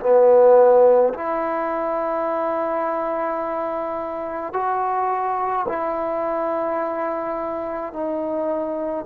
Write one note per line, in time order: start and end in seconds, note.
0.00 1.13 B3
1.13 4.53 E4
4.53 5.66 F#4
5.68 7.93 E4
7.93 9.06 D#4